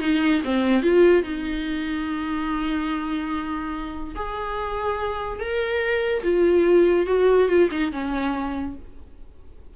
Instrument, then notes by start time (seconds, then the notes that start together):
viola
0.00 D#4
0.45 C4
0.83 F4
1.23 D#4
4.15 G#4
5.40 A#4
6.23 F4
7.07 F#4
7.48 F4
7.71 D#4
7.92 C#4